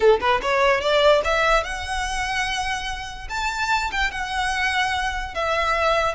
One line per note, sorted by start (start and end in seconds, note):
0.00 0.19 A4
0.20 0.40 B4
0.41 0.80 C#5
0.80 1.21 D5
1.24 1.63 E5
1.63 3.28 F#5
3.29 3.90 A5
3.91 4.11 G5
4.11 5.34 F#5
5.34 6.14 E5